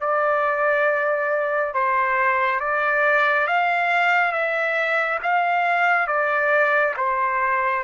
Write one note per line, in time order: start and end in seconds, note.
0.00 1.74 D5
1.74 2.60 C5
2.60 3.47 D5
3.47 4.32 F5
4.32 5.19 E5
5.23 6.07 F5
6.07 6.94 D5
6.96 7.83 C5